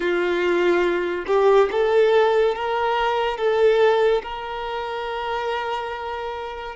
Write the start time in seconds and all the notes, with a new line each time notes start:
0.00 F4
1.26 G4
1.71 A4
2.55 A#4
3.37 A4
4.23 A#4